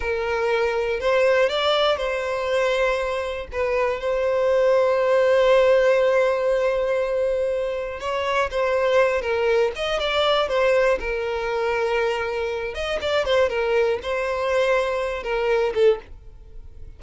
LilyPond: \new Staff \with { instrumentName = "violin" } { \time 4/4 \tempo 4 = 120 ais'2 c''4 d''4 | c''2. b'4 | c''1~ | c''1 |
cis''4 c''4. ais'4 dis''8 | d''4 c''4 ais'2~ | ais'4. dis''8 d''8 c''8 ais'4 | c''2~ c''8 ais'4 a'8 | }